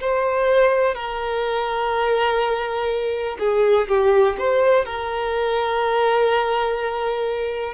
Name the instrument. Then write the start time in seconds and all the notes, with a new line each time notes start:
violin
0.00 C5
0.95 A#4
3.39 G#4
3.88 G4
4.38 C5
4.85 A#4